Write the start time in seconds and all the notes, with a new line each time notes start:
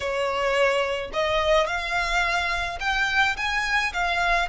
0.00 C#5
1.13 D#5
1.66 F5
2.80 G5
3.36 G#5
3.93 F5